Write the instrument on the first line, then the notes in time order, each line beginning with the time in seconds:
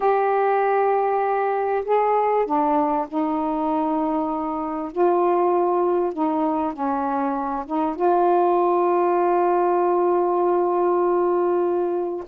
saxophone
0.00 G4
1.84 G#4
2.45 D4
3.08 D#4
4.91 F4
6.13 D#4
6.73 C#4
7.65 D#4
7.95 F4